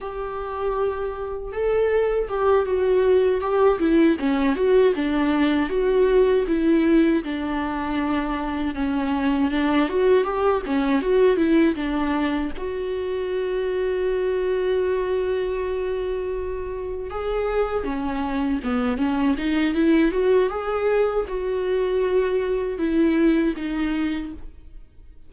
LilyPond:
\new Staff \with { instrumentName = "viola" } { \time 4/4 \tempo 4 = 79 g'2 a'4 g'8 fis'8~ | fis'8 g'8 e'8 cis'8 fis'8 d'4 fis'8~ | fis'8 e'4 d'2 cis'8~ | cis'8 d'8 fis'8 g'8 cis'8 fis'8 e'8 d'8~ |
d'8 fis'2.~ fis'8~ | fis'2~ fis'8 gis'4 cis'8~ | cis'8 b8 cis'8 dis'8 e'8 fis'8 gis'4 | fis'2 e'4 dis'4 | }